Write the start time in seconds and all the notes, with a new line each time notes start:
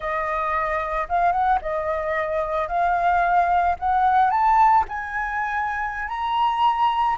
0.00 D#5
1.08 F5
1.31 F#5
1.61 D#5
2.68 F5
3.79 F#5
4.30 A5
4.88 G#5
6.08 A#5